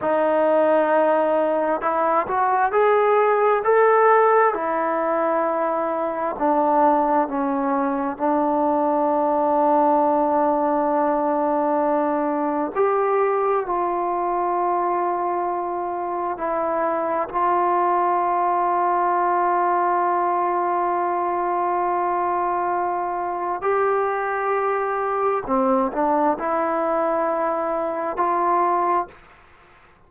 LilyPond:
\new Staff \with { instrumentName = "trombone" } { \time 4/4 \tempo 4 = 66 dis'2 e'8 fis'8 gis'4 | a'4 e'2 d'4 | cis'4 d'2.~ | d'2 g'4 f'4~ |
f'2 e'4 f'4~ | f'1~ | f'2 g'2 | c'8 d'8 e'2 f'4 | }